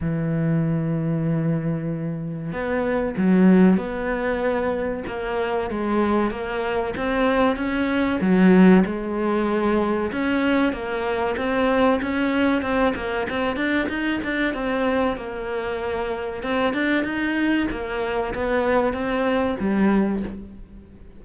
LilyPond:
\new Staff \with { instrumentName = "cello" } { \time 4/4 \tempo 4 = 95 e1 | b4 fis4 b2 | ais4 gis4 ais4 c'4 | cis'4 fis4 gis2 |
cis'4 ais4 c'4 cis'4 | c'8 ais8 c'8 d'8 dis'8 d'8 c'4 | ais2 c'8 d'8 dis'4 | ais4 b4 c'4 g4 | }